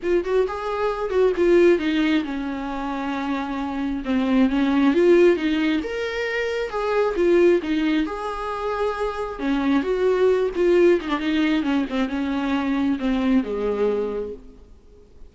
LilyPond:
\new Staff \with { instrumentName = "viola" } { \time 4/4 \tempo 4 = 134 f'8 fis'8 gis'4. fis'8 f'4 | dis'4 cis'2.~ | cis'4 c'4 cis'4 f'4 | dis'4 ais'2 gis'4 |
f'4 dis'4 gis'2~ | gis'4 cis'4 fis'4. f'8~ | f'8 dis'16 d'16 dis'4 cis'8 c'8 cis'4~ | cis'4 c'4 gis2 | }